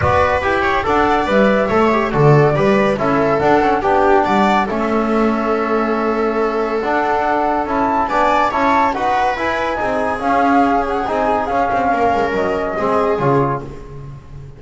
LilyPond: <<
  \new Staff \with { instrumentName = "flute" } { \time 4/4 \tempo 4 = 141 d''4 g''4 fis''4 e''4~ | e''4 d''2 e''4 | fis''4 g''4 fis''4 e''4~ | e''1 |
fis''2 a''4 gis''4 | a''4 fis''4 gis''2 | f''4. fis''8 gis''4 f''4~ | f''4 dis''2 cis''4 | }
  \new Staff \with { instrumentName = "viola" } { \time 4/4 b'4. cis''8 d''2 | cis''4 a'4 b'4 a'4~ | a'4 g'4 d''4 a'4~ | a'1~ |
a'2. d''4 | cis''4 b'2 gis'4~ | gis'1 | ais'2 gis'2 | }
  \new Staff \with { instrumentName = "trombone" } { \time 4/4 fis'4 g'4 a'4 b'4 | a'8 g'8 fis'4 g'4 e'4 | d'8 cis'8 d'2 cis'4~ | cis'1 |
d'2 e'4 d'4 | e'4 fis'4 e'4 dis'4 | cis'2 dis'4 cis'4~ | cis'2 c'4 f'4 | }
  \new Staff \with { instrumentName = "double bass" } { \time 4/4 b4 e'4 d'4 g4 | a4 d4 g4 cis'4 | d'4 b4 g4 a4~ | a1 |
d'2 cis'4 b4 | cis'4 dis'4 e'4 c'4 | cis'2 c'4 cis'8 c'8 | ais8 gis8 fis4 gis4 cis4 | }
>>